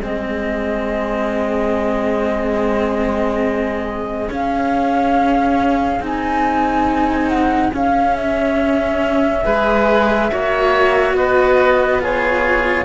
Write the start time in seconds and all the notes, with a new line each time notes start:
0.00 G#3 C4 G#4 D#5
4.29 C#4 F5
5.99 C4 D#4 G#5
7.28 F#5
7.73 C#4 F5
8.16 E5
9.44 G#3 G#4 B4
10.30 A#3 F#4 C#5
11.13 B3 B4 D#5
11.99 F4 G#4 C#5